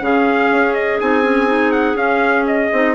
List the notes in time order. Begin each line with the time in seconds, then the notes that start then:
0.00 C#3 C#4 G#4 F5
0.51 C#4
0.74 D#5
1.00 C4 D#4 G#5
1.23 C#4
1.47 D#4
1.72 F#5
1.95 C#4 F5
2.47 D#5
2.72 C4 D#4